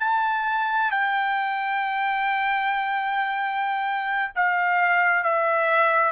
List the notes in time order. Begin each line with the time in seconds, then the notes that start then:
0.00 A5
0.91 G5
4.35 F5
5.24 E5